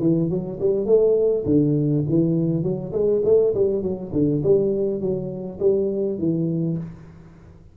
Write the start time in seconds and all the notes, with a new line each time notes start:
0.00 E3
0.29 F#3
0.60 G3
0.86 A3
1.45 D3
2.09 E3
2.63 F#3
2.93 G#3
3.25 A3
3.55 G3
3.82 F#3
4.13 D3
4.43 G3
5.01 F#3
5.60 G3
6.19 E3